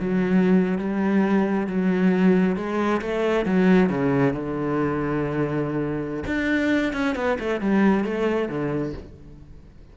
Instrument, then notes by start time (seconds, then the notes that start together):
cello
0.00 F#3
0.79 G3
1.68 F#3
2.56 G#3
3.02 A3
3.46 F#3
3.90 C#3
4.34 D3
6.27 D4
6.93 C#4
7.16 B3
7.40 A3
7.61 G3
8.04 A3
8.49 D3